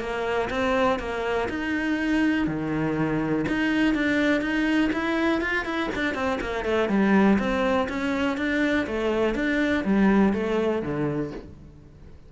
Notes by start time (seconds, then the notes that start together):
0.00 A#3
0.50 C4
0.99 A#3
1.49 D#4
2.47 D#3
3.48 D#4
3.95 D4
4.42 D#4
4.93 E4
5.41 F4
5.65 E4
5.96 D4
6.15 C4
6.41 A#3
6.65 A3
6.89 G3
7.39 C4
7.89 C#4
8.37 D4
8.87 A3
9.35 D4
9.85 G3
10.33 A3
10.82 D3